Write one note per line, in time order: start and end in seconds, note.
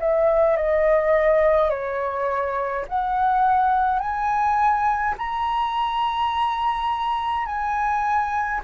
0.00 0.57 E5
0.57 1.70 D#5
1.70 2.86 C#5
2.88 4.00 F#5
4.00 5.15 G#5
5.18 7.46 A#5
7.46 8.61 G#5